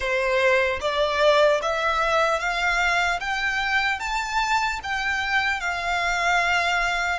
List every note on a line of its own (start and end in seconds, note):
0.00 0.79 C5
0.80 1.60 D5
1.62 2.39 E5
2.39 3.19 F5
3.20 3.99 G5
3.99 4.79 A5
4.83 5.60 G5
5.60 7.19 F5